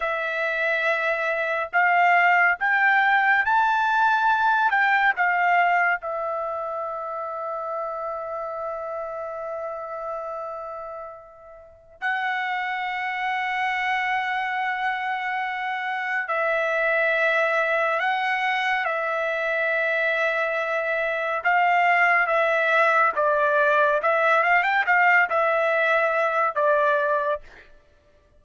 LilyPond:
\new Staff \with { instrumentName = "trumpet" } { \time 4/4 \tempo 4 = 70 e''2 f''4 g''4 | a''4. g''8 f''4 e''4~ | e''1~ | e''2 fis''2~ |
fis''2. e''4~ | e''4 fis''4 e''2~ | e''4 f''4 e''4 d''4 | e''8 f''16 g''16 f''8 e''4. d''4 | }